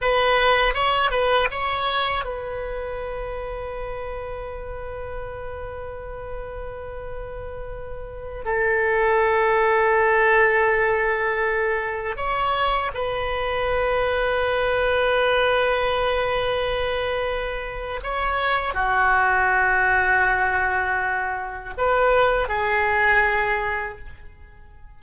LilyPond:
\new Staff \with { instrumentName = "oboe" } { \time 4/4 \tempo 4 = 80 b'4 cis''8 b'8 cis''4 b'4~ | b'1~ | b'2.~ b'16 a'8.~ | a'1~ |
a'16 cis''4 b'2~ b'8.~ | b'1 | cis''4 fis'2.~ | fis'4 b'4 gis'2 | }